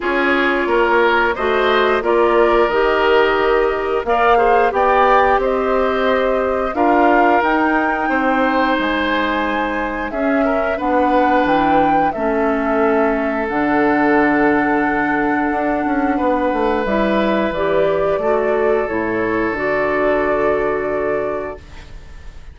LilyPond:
<<
  \new Staff \with { instrumentName = "flute" } { \time 4/4 \tempo 4 = 89 cis''2 dis''4 d''4 | dis''2 f''4 g''4 | dis''2 f''4 g''4~ | g''4 gis''2 e''4 |
fis''4 g''4 e''2 | fis''1~ | fis''4 e''4 d''2 | cis''4 d''2. | }
  \new Staff \with { instrumentName = "oboe" } { \time 4/4 gis'4 ais'4 c''4 ais'4~ | ais'2 d''8 c''8 d''4 | c''2 ais'2 | c''2. gis'8 ais'8 |
b'2 a'2~ | a'1 | b'2. a'4~ | a'1 | }
  \new Staff \with { instrumentName = "clarinet" } { \time 4/4 f'2 fis'4 f'4 | g'2 ais'8 gis'8 g'4~ | g'2 f'4 dis'4~ | dis'2. cis'4 |
d'2 cis'2 | d'1~ | d'4 e'4 g'4 fis'4 | e'4 fis'2. | }
  \new Staff \with { instrumentName = "bassoon" } { \time 4/4 cis'4 ais4 a4 ais4 | dis2 ais4 b4 | c'2 d'4 dis'4 | c'4 gis2 cis'4 |
b4 e4 a2 | d2. d'8 cis'8 | b8 a8 g4 e4 a4 | a,4 d2. | }
>>